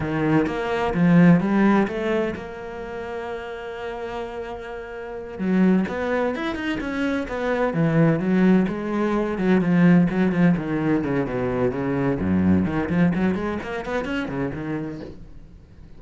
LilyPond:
\new Staff \with { instrumentName = "cello" } { \time 4/4 \tempo 4 = 128 dis4 ais4 f4 g4 | a4 ais2.~ | ais2.~ ais8 fis8~ | fis8 b4 e'8 dis'8 cis'4 b8~ |
b8 e4 fis4 gis4. | fis8 f4 fis8 f8 dis4 cis8 | b,4 cis4 fis,4 dis8 f8 | fis8 gis8 ais8 b8 cis'8 cis8 dis4 | }